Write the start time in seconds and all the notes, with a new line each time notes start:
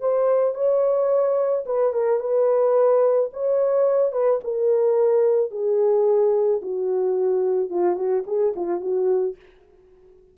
0.00 C5
0.55 C#5
1.66 B4
1.93 A#4
2.20 B4
3.33 C#5
4.12 B4
4.44 A#4
5.51 G#4
6.62 F#4
7.70 F4
7.96 F#4
8.26 G#4
8.56 F4
8.80 F#4